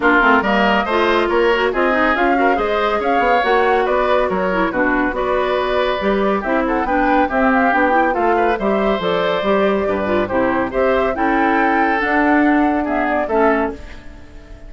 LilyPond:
<<
  \new Staff \with { instrumentName = "flute" } { \time 4/4 \tempo 4 = 140 ais'4 dis''2 cis''4 | dis''4 f''4 dis''4 f''4 | fis''4 d''4 cis''4 b'4 | d''2. e''8 fis''8 |
g''4 e''8 f''8 g''4 f''4 | e''4 d''2. | c''4 e''4 g''2 | fis''2 e''8 d''8 e''4 | }
  \new Staff \with { instrumentName = "oboe" } { \time 4/4 f'4 ais'4 c''4 ais'4 | gis'4. ais'8 c''4 cis''4~ | cis''4 b'4 ais'4 fis'4 | b'2. g'8 a'8 |
b'4 g'2 a'8 b'8 | c''2. b'4 | g'4 c''4 a'2~ | a'2 gis'4 a'4 | }
  \new Staff \with { instrumentName = "clarinet" } { \time 4/4 d'8 c'8 ais4 f'4. fis'8 | f'8 dis'8 f'8 fis'8 gis'2 | fis'2~ fis'8 e'8 d'4 | fis'2 g'4 e'4 |
d'4 c'4 d'8 e'8 f'4 | g'4 a'4 g'4. f'8 | e'4 g'4 e'2 | d'2 b4 cis'4 | }
  \new Staff \with { instrumentName = "bassoon" } { \time 4/4 ais8 a8 g4 a4 ais4 | c'4 cis'4 gis4 cis'8 b8 | ais4 b4 fis4 b,4 | b2 g4 c'4 |
b4 c'4 b4 a4 | g4 f4 g4 g,4 | c4 c'4 cis'2 | d'2. a4 | }
>>